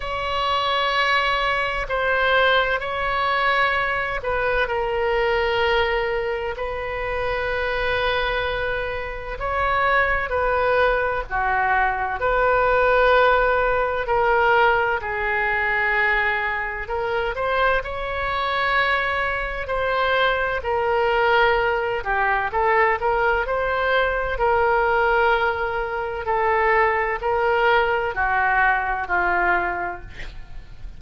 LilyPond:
\new Staff \with { instrumentName = "oboe" } { \time 4/4 \tempo 4 = 64 cis''2 c''4 cis''4~ | cis''8 b'8 ais'2 b'4~ | b'2 cis''4 b'4 | fis'4 b'2 ais'4 |
gis'2 ais'8 c''8 cis''4~ | cis''4 c''4 ais'4. g'8 | a'8 ais'8 c''4 ais'2 | a'4 ais'4 fis'4 f'4 | }